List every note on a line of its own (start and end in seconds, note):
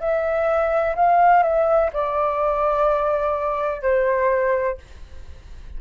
0.00 0.95 E5
0.96 1.43 F5
1.43 1.90 E5
1.93 3.83 D5
3.83 4.78 C5